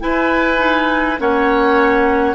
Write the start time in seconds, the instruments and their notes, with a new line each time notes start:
0.00 clarinet E4, bassoon E4, oboe B4, flute G#5
0.58 clarinet D#4
1.20 bassoon A#3, clarinet C#4, oboe C#5, flute F#5